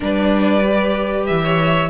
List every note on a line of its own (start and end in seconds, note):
0.00 1.29 G3
0.00 0.63 D4
0.00 1.41 B4
0.00 1.26 D5
0.63 1.89 G4
1.26 1.89 E3
1.26 1.89 E5
1.43 1.89 C#5